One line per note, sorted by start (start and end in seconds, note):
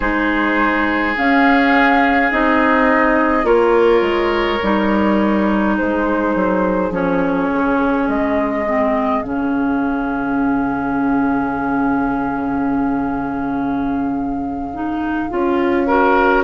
0.00 1.16 G#3
0.00 1.16 D#4
0.00 3.46 G#4
0.00 1.15 C5
1.16 2.31 C#4
1.16 2.31 F5
2.31 3.44 C4
2.31 3.43 D#4
2.31 3.46 D#5
3.43 4.01 A#3
3.43 4.58 F4
3.43 5.75 A#4
3.43 5.76 C#5
4.01 4.58 G#3
4.62 5.78 G3
4.62 6.91 D#4
5.75 6.35 G#3
5.75 15.85 G#4
5.75 6.92 C5
6.35 6.90 F#3
6.90 7.48 F3
6.90 8.64 C#4
6.90 8.08 C#5
7.52 8.08 C#3
8.08 9.22 G#3
8.08 9.22 D#5
8.65 9.23 C4
9.22 15.28 C#3
9.22 14.71 C#4
9.22 16.43 F5
14.73 15.29 D#4
15.29 16.43 C#4
15.29 15.87 F4
15.87 16.43 F#4
15.87 16.43 A#4